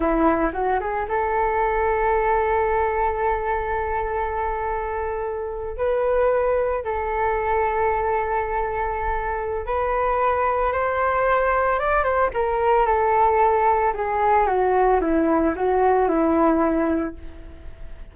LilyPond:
\new Staff \with { instrumentName = "flute" } { \time 4/4 \tempo 4 = 112 e'4 fis'8 gis'8 a'2~ | a'1~ | a'2~ a'8. b'4~ b'16~ | b'8. a'2.~ a'16~ |
a'2 b'2 | c''2 d''8 c''8 ais'4 | a'2 gis'4 fis'4 | e'4 fis'4 e'2 | }